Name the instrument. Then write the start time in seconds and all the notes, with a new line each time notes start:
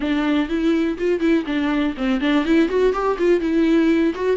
viola
0.00 D4
0.48 E4
0.98 F4
1.20 E4
1.46 D4
1.97 C4
2.20 D4
2.44 E4
2.69 F#4
2.92 G4
3.18 F4
3.40 E4
4.15 F#4